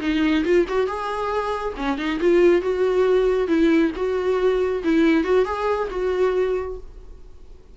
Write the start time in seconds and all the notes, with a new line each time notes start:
0.00 D#4
0.44 F4
0.68 F#4
0.86 G#4
1.76 C#4
1.97 D#4
2.20 F4
2.61 F#4
3.47 E4
3.96 F#4
4.83 E4
5.23 F#4
5.45 G#4
5.90 F#4